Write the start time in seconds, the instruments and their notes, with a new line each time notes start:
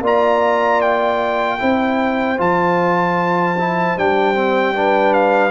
0.00 tuba A#3, trombone F4, horn D5, trumpet A#5
0.81 trumpet G5
1.59 tuba C4, trombone E4, horn C5
2.37 tuba F3, trombone F4, trumpet A5
3.58 trombone E4
3.97 tuba G3, trombone D4, trumpet G5
4.34 trombone C4
4.75 trombone D4, horn B4
5.13 trumpet F5